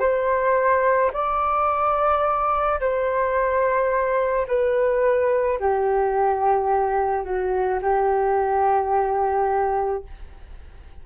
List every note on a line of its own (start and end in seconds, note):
0.00 1.11 C5
1.13 2.80 D5
2.80 4.47 C5
4.47 5.59 B4
5.60 7.24 G4
7.24 7.80 F#4
7.82 10.04 G4